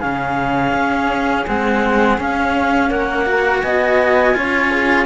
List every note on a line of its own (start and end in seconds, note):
0.00 0.73 C#3
0.00 1.47 C#4
0.00 2.89 G#4
0.00 1.45 F5
0.73 1.46 C#4
1.47 2.18 G#3
1.47 2.20 C4
1.47 2.20 F#5
2.18 3.26 C#4
2.18 2.91 C#4
2.18 2.91 F5
2.90 3.63 A#3
2.90 3.62 A#4
2.90 3.62 F#5
3.26 4.34 F#4
3.62 4.36 B3
3.62 4.36 D#5
3.62 5.06 G#5
4.34 5.06 C#4
4.34 5.06 F4
4.34 4.71 C#5
4.71 5.06 G#4